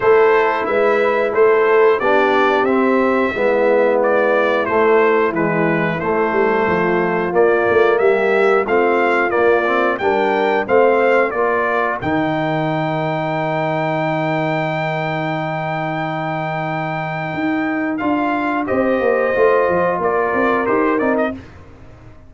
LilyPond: <<
  \new Staff \with { instrumentName = "trumpet" } { \time 4/4 \tempo 4 = 90 c''4 e''4 c''4 d''4 | e''2 d''4 c''4 | b'4 c''2 d''4 | e''4 f''4 d''4 g''4 |
f''4 d''4 g''2~ | g''1~ | g''2. f''4 | dis''2 d''4 c''8 d''16 dis''16 | }
  \new Staff \with { instrumentName = "horn" } { \time 4/4 a'4 b'4 a'4 g'4~ | g'4 e'2.~ | e'2 f'2 | g'4 f'2 ais'4 |
c''4 ais'2.~ | ais'1~ | ais'1 | c''2 ais'2 | }
  \new Staff \with { instrumentName = "trombone" } { \time 4/4 e'2. d'4 | c'4 b2 a4 | gis4 a2 ais4~ | ais4 c'4 ais8 c'8 d'4 |
c'4 f'4 dis'2~ | dis'1~ | dis'2. f'4 | g'4 f'2 g'8 dis'8 | }
  \new Staff \with { instrumentName = "tuba" } { \time 4/4 a4 gis4 a4 b4 | c'4 gis2 a4 | e4 a8 g8 f4 ais8 a8 | g4 a4 ais4 g4 |
a4 ais4 dis2~ | dis1~ | dis2 dis'4 d'4 | c'8 ais8 a8 f8 ais8 c'8 dis'8 c'8 | }
>>